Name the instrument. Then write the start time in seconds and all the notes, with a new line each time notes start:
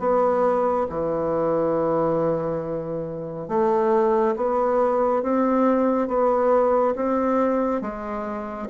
bassoon
0.00 B3
0.90 E3
3.49 A3
4.37 B3
5.23 C4
6.08 B3
6.96 C4
7.82 G#3